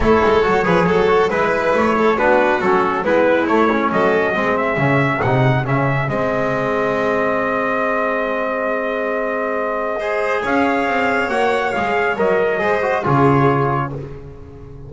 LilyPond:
<<
  \new Staff \with { instrumentName = "trumpet" } { \time 4/4 \tempo 4 = 138 cis''2. b'4 | cis''4 b'4 a'4 b'4 | cis''4 dis''4. e''4. | fis''4 e''4 dis''2~ |
dis''1~ | dis''1 | f''2 fis''4 f''4 | dis''2 cis''2 | }
  \new Staff \with { instrumentName = "violin" } { \time 4/4 a'4. b'8 a'4 b'4~ | b'8 a'8 fis'2 e'4~ | e'4 a'4 gis'2~ | gis'1~ |
gis'1~ | gis'2. c''4 | cis''1~ | cis''4 c''4 gis'2 | }
  \new Staff \with { instrumentName = "trombone" } { \time 4/4 e'4 fis'8 gis'4 fis'8 e'4~ | e'4 d'4 cis'4 b4 | a8 cis'4. c'4 cis'4 | dis'4 cis'4 c'2~ |
c'1~ | c'2. gis'4~ | gis'2 fis'4 gis'4 | ais'4 gis'8 fis'8 f'2 | }
  \new Staff \with { instrumentName = "double bass" } { \time 4/4 a8 gis8 fis8 f8 fis4 gis4 | a4 b4 fis4 gis4 | a4 fis4 gis4 cis4 | c4 cis4 gis2~ |
gis1~ | gis1 | cis'4 c'4 ais4 gis4 | fis4 gis4 cis2 | }
>>